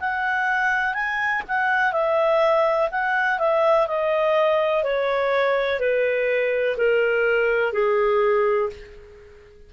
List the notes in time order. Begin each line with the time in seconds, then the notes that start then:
0.00 F#5
0.94 G#5
1.48 F#5
1.93 E5
2.92 F#5
3.39 E5
3.88 D#5
4.84 C#5
5.80 B4
6.77 A#4
7.73 G#4